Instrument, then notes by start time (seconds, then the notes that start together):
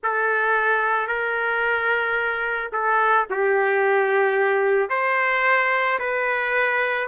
trumpet
0.03 A4
1.07 A#4
2.72 A4
3.30 G4
4.89 C5
5.99 B4